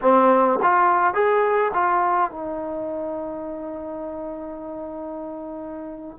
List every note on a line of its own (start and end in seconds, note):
0.01 0.59 C4
0.62 1.14 F4
1.14 1.72 G#4
1.73 2.31 F4
2.31 6.19 D#4